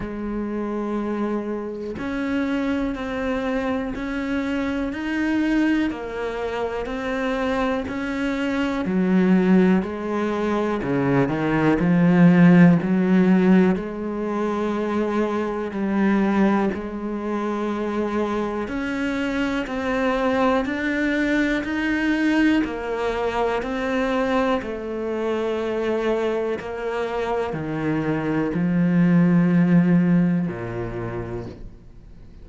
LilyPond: \new Staff \with { instrumentName = "cello" } { \time 4/4 \tempo 4 = 61 gis2 cis'4 c'4 | cis'4 dis'4 ais4 c'4 | cis'4 fis4 gis4 cis8 dis8 | f4 fis4 gis2 |
g4 gis2 cis'4 | c'4 d'4 dis'4 ais4 | c'4 a2 ais4 | dis4 f2 ais,4 | }